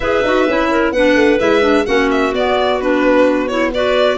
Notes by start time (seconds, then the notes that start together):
0.00 E4 G#4 B4 E5
0.23 D#4 F#4
0.48 C#4 E4
0.70 A#4
0.92 B3 D4 B4 F#5
1.15 A3
1.39 G#3 E4 E5
1.61 D4
1.85 A#3 C#4 F#4 F#5
2.10 E5
2.33 B3 D5
2.80 D4 B4
3.47 E4 C#5
3.72 F#4 B4 D5